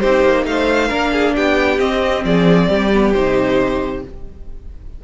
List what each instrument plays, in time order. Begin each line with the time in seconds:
0.00 cello C4, viola D#4, violin G4 C5
0.24 cello A#3
0.46 cello A3, violin C5 F5
0.89 cello A#3, viola D4, violin A#4
1.12 violin G#4
1.35 cello B3, violin G4 G5
1.79 cello C4, viola C4, violin D#5
2.24 cello F3, violin G#4 D5
2.69 cello G3, violin G4
2.93 viola B3
3.13 cello C3, viola D#4, violin C5